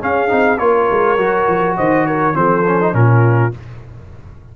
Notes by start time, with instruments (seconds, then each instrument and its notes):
0.00 trombone C#4, tuba C#4, horn G#4, trumpet F5
0.28 tuba C4, trombone D#4
0.58 tuba A#3, trombone F4, horn A#4, trumpet C#5
0.91 tuba G#3
1.17 tuba F#3, trombone F#4
1.48 tuba F3
1.77 tuba D#3, horn C5, trumpet D#5
2.06 horn A#4, trumpet C#5
2.34 tuba F3, trombone C4, horn A4, trumpet C5
2.67 trombone C#4
2.81 trombone D#4
2.93 tuba A#2, trombone C#4, horn F4, trumpet A#4